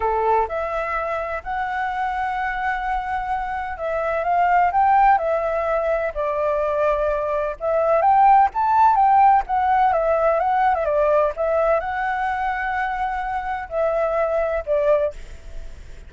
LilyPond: \new Staff \with { instrumentName = "flute" } { \time 4/4 \tempo 4 = 127 a'4 e''2 fis''4~ | fis''1 | e''4 f''4 g''4 e''4~ | e''4 d''2. |
e''4 g''4 a''4 g''4 | fis''4 e''4 fis''8. e''16 d''4 | e''4 fis''2.~ | fis''4 e''2 d''4 | }